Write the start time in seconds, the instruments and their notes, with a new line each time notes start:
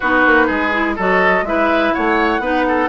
0.00 bassoon B3, clarinet D#4, oboe F#4, flute B4
0.26 bassoon A#3
0.46 bassoon G#3, oboe G#4
0.72 clarinet E4
0.96 bassoon F#3, clarinet F#4, oboe A4, flute D#5
1.42 bassoon G#3, clarinet E4, oboe B4, flute E5
1.94 bassoon A3, oboe C#5, flute F#5
2.39 bassoon B3, clarinet D#4, oboe B4
2.67 oboe A4